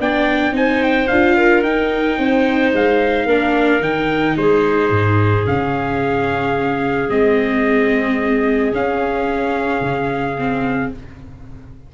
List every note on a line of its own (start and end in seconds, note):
0.00 0.52 B3
0.00 0.53 D4
0.00 0.55 D5
0.00 0.56 G5
0.52 1.07 C4
0.52 1.08 D#4
0.52 1.37 C5
0.52 0.84 G#5
0.84 1.08 G5
1.08 1.63 D4
1.08 1.65 F4
1.08 1.62 F5
1.37 2.19 A#4
1.63 2.17 D#4
1.63 3.29 D#4
1.63 2.72 G5
2.18 2.73 C4
2.18 3.26 C5
2.74 3.26 G#3
2.74 3.83 F5
3.26 3.80 A#3
3.26 3.81 D4
3.26 4.35 A#4
3.80 4.35 D#3
3.80 5.45 D#4
3.80 4.37 G5
4.36 4.90 G#3
4.36 10.95 G#4
4.36 5.47 C5
4.90 5.45 G#2
5.47 7.09 C#3
5.47 7.09 C#4
5.47 7.10 F5
7.09 8.72 G#3
7.09 8.73 C4
7.09 8.74 D#5
8.73 10.36 C#4
8.73 9.81 C#4
8.73 10.93 F5
9.81 10.90 C#3
10.38 10.93 C4